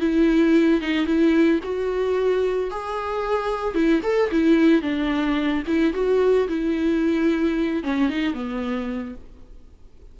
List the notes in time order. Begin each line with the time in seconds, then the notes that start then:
0.00 E4
0.81 D#4
1.06 E4
1.64 F#4
2.71 G#4
3.75 E4
4.03 A4
4.31 E4
4.82 D4
5.67 E4
5.94 F#4
6.49 E4
7.84 C#4
8.10 D#4
8.34 B3